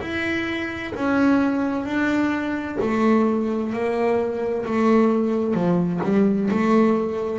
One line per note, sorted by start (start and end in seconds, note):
0.00 0.92 E4
0.94 1.85 C#4
1.85 2.77 D4
2.81 3.73 A3
3.73 4.65 A#3
4.65 5.54 A3
5.54 6.00 F3
6.03 6.49 G3
6.50 7.39 A3